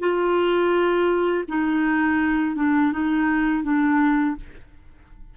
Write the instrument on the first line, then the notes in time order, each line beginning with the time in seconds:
clarinet
0.00 F4
1.49 D#4
2.56 D4
2.93 D#4
3.64 D4